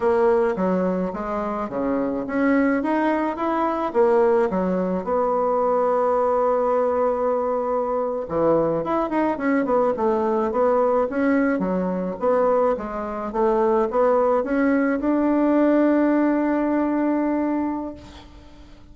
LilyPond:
\new Staff \with { instrumentName = "bassoon" } { \time 4/4 \tempo 4 = 107 ais4 fis4 gis4 cis4 | cis'4 dis'4 e'4 ais4 | fis4 b2.~ | b2~ b8. e4 e'16~ |
e'16 dis'8 cis'8 b8 a4 b4 cis'16~ | cis'8. fis4 b4 gis4 a16~ | a8. b4 cis'4 d'4~ d'16~ | d'1 | }